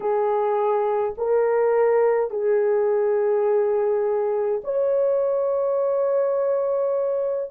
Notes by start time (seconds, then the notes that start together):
0.00 G#4
1.17 A#4
2.30 G#4
4.64 C#5